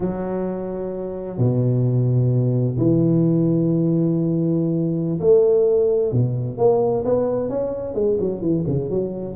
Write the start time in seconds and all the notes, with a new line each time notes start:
0.00 F#3
1.37 B2
2.77 E3
5.20 A3
6.12 B2
6.57 A#3
7.04 B3
7.49 C#4
7.94 G#3
8.20 F#3
8.41 E3
8.67 C#3
8.89 F#3